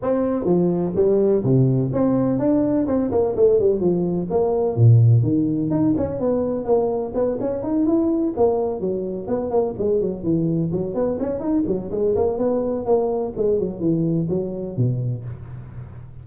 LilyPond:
\new Staff \with { instrumentName = "tuba" } { \time 4/4 \tempo 4 = 126 c'4 f4 g4 c4 | c'4 d'4 c'8 ais8 a8 g8 | f4 ais4 ais,4 dis4 | dis'8 cis'8 b4 ais4 b8 cis'8 |
dis'8 e'4 ais4 fis4 b8 | ais8 gis8 fis8 e4 fis8 b8 cis'8 | dis'8 fis8 gis8 ais8 b4 ais4 | gis8 fis8 e4 fis4 b,4 | }